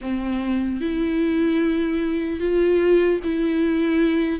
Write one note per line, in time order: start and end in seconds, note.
0.01 0.80 C4
0.80 2.40 E4
2.40 3.20 F4
3.23 4.39 E4